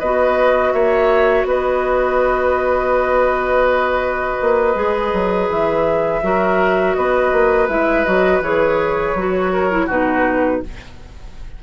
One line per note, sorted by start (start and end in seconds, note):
0.00 0.74 B3
0.00 4.76 F#4
0.00 0.73 B4
0.00 0.72 D#5
0.72 1.45 A#3
0.72 1.48 C#5
0.72 1.46 E5
1.45 4.37 B3
1.45 6.23 B4
1.45 5.50 D#5
4.41 4.76 A#3
4.76 5.12 G#3
4.76 6.22 G#4
5.13 5.49 F#3
5.49 6.22 E3
5.49 6.95 E5
6.23 6.96 F#3
6.23 7.70 F#4
6.23 6.97 A#4
6.95 7.32 B3
6.95 9.53 B4
6.95 7.68 D#5
7.32 7.69 A#3
7.69 8.05 G#3
7.69 8.06 E4
7.69 8.05 E5
8.05 8.41 F#3
8.05 8.43 F#4
8.05 8.42 D#5
8.41 9.14 E3
8.41 9.17 G#4
8.41 9.90 C#5
9.15 9.88 F#3
9.15 9.71 F#4
9.53 9.87 A#4
9.71 9.89 E4
9.87 10.63 B2
9.87 10.63 D#4
9.87 10.60 F#4
9.87 10.63 B4